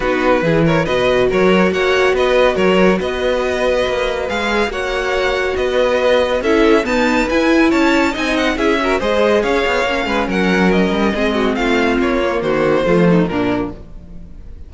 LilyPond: <<
  \new Staff \with { instrumentName = "violin" } { \time 4/4 \tempo 4 = 140 b'4. cis''8 dis''4 cis''4 | fis''4 dis''4 cis''4 dis''4~ | dis''2 f''4 fis''4~ | fis''4 dis''2 e''4 |
a''4 gis''4 a''4 gis''8 fis''8 | e''4 dis''4 f''2 | fis''4 dis''2 f''4 | cis''4 c''2 ais'4 | }
  \new Staff \with { instrumentName = "violin" } { \time 4/4 fis'4 gis'8 ais'8 b'4 ais'4 | cis''4 b'4 ais'4 b'4~ | b'2. cis''4~ | cis''4 b'2 a'4 |
b'2 cis''4 dis''4 | gis'8 ais'8 c''4 cis''4. b'8 | ais'2 gis'8 fis'8 f'4~ | f'4 fis'4 f'8 dis'8 d'4 | }
  \new Staff \with { instrumentName = "viola" } { \time 4/4 dis'4 e'4 fis'2~ | fis'1~ | fis'2 gis'4 fis'4~ | fis'2. e'4 |
b4 e'2 dis'4 | e'8 fis'8 gis'2 cis'4~ | cis'2 c'2~ | c'8 ais4. a4 ais4 | }
  \new Staff \with { instrumentName = "cello" } { \time 4/4 b4 e4 b,4 fis4 | ais4 b4 fis4 b4~ | b4 ais4 gis4 ais4~ | ais4 b2 cis'4 |
dis'4 e'4 cis'4 c'4 | cis'4 gis4 cis'8 b8 ais8 gis8 | fis4. g8 gis4 a4 | ais4 dis4 f4 ais,4 | }
>>